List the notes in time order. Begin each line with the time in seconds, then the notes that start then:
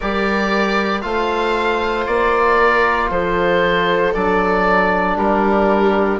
0.00 G3 G4 A#4 D5
1.01 A3 F4 C5 F5
2.06 A#3 D5
2.57 A#4
3.10 F3 A4 C5
4.14 F#3 D4 D5
5.16 G3 G4 A#4